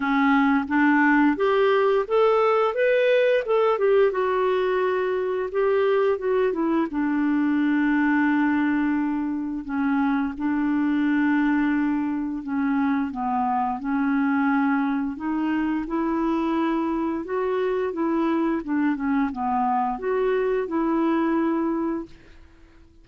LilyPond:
\new Staff \with { instrumentName = "clarinet" } { \time 4/4 \tempo 4 = 87 cis'4 d'4 g'4 a'4 | b'4 a'8 g'8 fis'2 | g'4 fis'8 e'8 d'2~ | d'2 cis'4 d'4~ |
d'2 cis'4 b4 | cis'2 dis'4 e'4~ | e'4 fis'4 e'4 d'8 cis'8 | b4 fis'4 e'2 | }